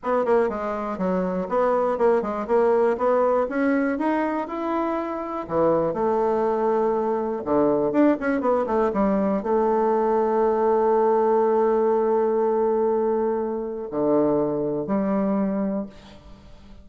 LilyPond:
\new Staff \with { instrumentName = "bassoon" } { \time 4/4 \tempo 4 = 121 b8 ais8 gis4 fis4 b4 | ais8 gis8 ais4 b4 cis'4 | dis'4 e'2 e4 | a2. d4 |
d'8 cis'8 b8 a8 g4 a4~ | a1~ | a1 | d2 g2 | }